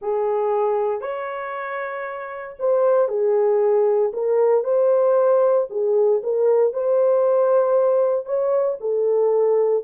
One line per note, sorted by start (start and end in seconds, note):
0.01 1.01 G#4
1.01 2.56 C#5
2.59 3.08 C5
3.08 4.11 G#4
4.13 4.64 A#4
4.64 5.67 C5
5.70 6.21 G#4
6.23 6.73 A#4
6.73 8.25 C5
8.25 8.77 C#5
8.80 9.83 A4